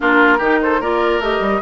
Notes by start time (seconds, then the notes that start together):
0.00 A#3 D4 F4 A#4
0.38 D#3 D#4 G4
0.61 A4 C5
0.80 A#3 F4 A#4 D5
1.19 A3 G4 D#5
1.40 G3